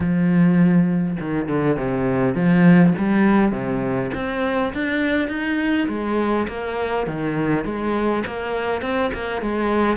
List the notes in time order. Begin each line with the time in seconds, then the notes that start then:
0.00 F3
1.20 D#3
1.48 D3
1.76 C3
2.34 F3
2.98 G3
3.51 C3
4.14 C4
4.73 D4
5.28 D#4
5.88 G#3
6.47 A#3
7.06 D#3
7.64 G#3
8.26 A#3
8.81 C4
9.13 A#3
9.41 G#3